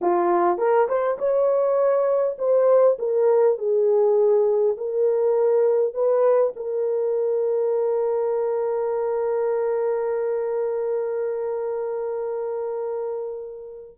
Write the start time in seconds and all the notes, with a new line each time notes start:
0.01 F4
0.58 A#4
0.88 C5
1.18 C#5
2.38 C5
2.98 A#4
3.58 G#4
4.77 A#4
5.94 B4
6.55 A#4